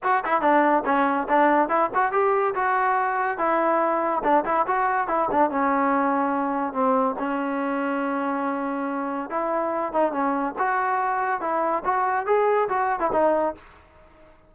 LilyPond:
\new Staff \with { instrumentName = "trombone" } { \time 4/4 \tempo 4 = 142 fis'8 e'8 d'4 cis'4 d'4 | e'8 fis'8 g'4 fis'2 | e'2 d'8 e'8 fis'4 | e'8 d'8 cis'2. |
c'4 cis'2.~ | cis'2 e'4. dis'8 | cis'4 fis'2 e'4 | fis'4 gis'4 fis'8. e'16 dis'4 | }